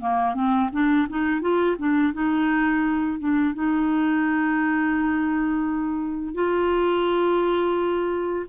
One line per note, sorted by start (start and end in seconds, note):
0.00 0.34 A#3
0.34 0.70 C4
0.72 1.07 D4
1.09 1.41 D#4
1.41 1.76 F4
1.78 2.13 D4
2.13 3.19 D#4
3.19 3.54 D4
3.54 6.34 D#4
6.34 8.46 F4